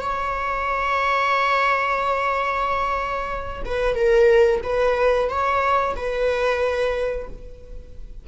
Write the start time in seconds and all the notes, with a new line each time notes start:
0.00 C#5
3.65 B4
3.95 A#4
4.63 B4
5.29 C#5
5.96 B4